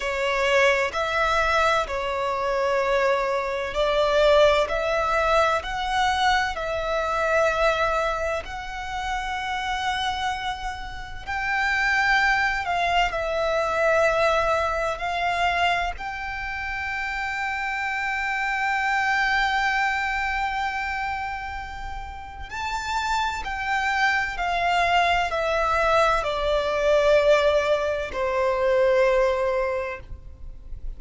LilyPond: \new Staff \with { instrumentName = "violin" } { \time 4/4 \tempo 4 = 64 cis''4 e''4 cis''2 | d''4 e''4 fis''4 e''4~ | e''4 fis''2. | g''4. f''8 e''2 |
f''4 g''2.~ | g''1 | a''4 g''4 f''4 e''4 | d''2 c''2 | }